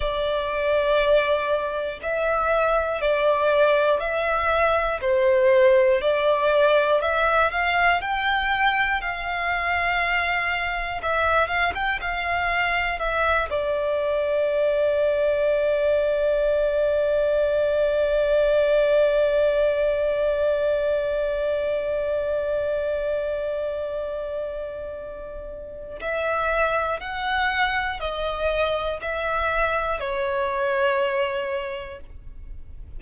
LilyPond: \new Staff \with { instrumentName = "violin" } { \time 4/4 \tempo 4 = 60 d''2 e''4 d''4 | e''4 c''4 d''4 e''8 f''8 | g''4 f''2 e''8 f''16 g''16 | f''4 e''8 d''2~ d''8~ |
d''1~ | d''1~ | d''2 e''4 fis''4 | dis''4 e''4 cis''2 | }